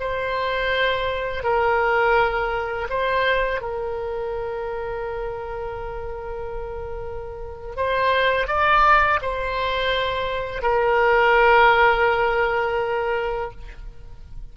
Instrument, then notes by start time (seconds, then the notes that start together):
oboe
0.00 C5
1.44 A#4
2.90 C5
3.61 A#4
7.77 C5
8.48 D5
9.22 C5
10.62 A#4